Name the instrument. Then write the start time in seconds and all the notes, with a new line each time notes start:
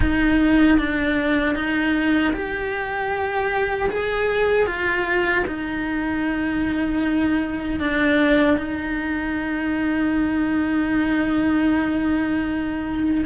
cello
0.00 D#4
0.78 D4
1.55 D#4
2.33 G4
3.90 G#4
4.66 F4
5.47 D#4
7.79 D4
8.57 D#4